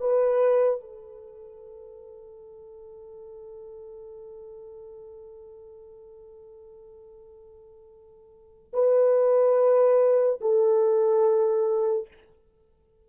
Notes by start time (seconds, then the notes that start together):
0.00 B4
0.81 A4
8.73 B4
10.41 A4